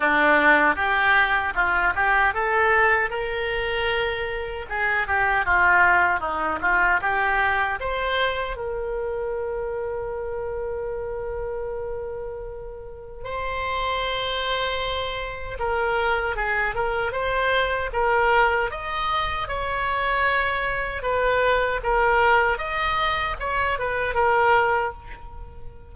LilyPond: \new Staff \with { instrumentName = "oboe" } { \time 4/4 \tempo 4 = 77 d'4 g'4 f'8 g'8 a'4 | ais'2 gis'8 g'8 f'4 | dis'8 f'8 g'4 c''4 ais'4~ | ais'1~ |
ais'4 c''2. | ais'4 gis'8 ais'8 c''4 ais'4 | dis''4 cis''2 b'4 | ais'4 dis''4 cis''8 b'8 ais'4 | }